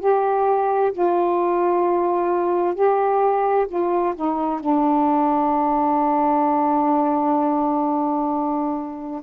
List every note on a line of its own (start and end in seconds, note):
0.00 0.92 G4
0.93 2.75 F4
2.75 3.67 G4
3.68 4.15 F4
4.16 4.61 D#4
4.61 9.22 D4